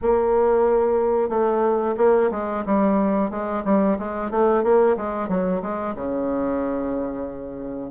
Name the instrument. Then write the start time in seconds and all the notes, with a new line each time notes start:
bassoon
0.01 A#3
1.29 A3
1.97 A#3
2.31 G#3
2.65 G3
3.30 G#3
3.64 G3
3.98 G#3
4.30 A3
4.63 A#3
4.96 G#3
5.28 F#3
5.61 G#3
5.95 C#3